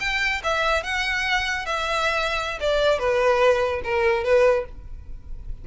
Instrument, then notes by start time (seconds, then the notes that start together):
violin
0.00 G5
0.43 E5
0.83 F#5
1.66 E5
2.60 D5
2.99 B4
3.84 A#4
4.24 B4